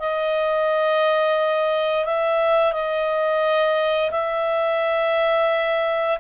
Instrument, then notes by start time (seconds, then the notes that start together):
clarinet
0.00 D#5
2.05 E5
2.73 D#5
4.12 E5